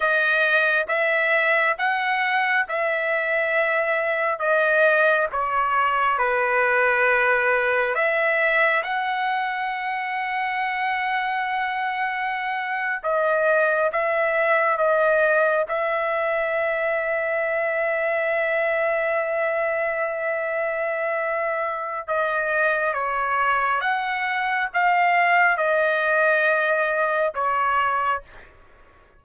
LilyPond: \new Staff \with { instrumentName = "trumpet" } { \time 4/4 \tempo 4 = 68 dis''4 e''4 fis''4 e''4~ | e''4 dis''4 cis''4 b'4~ | b'4 e''4 fis''2~ | fis''2~ fis''8. dis''4 e''16~ |
e''8. dis''4 e''2~ e''16~ | e''1~ | e''4 dis''4 cis''4 fis''4 | f''4 dis''2 cis''4 | }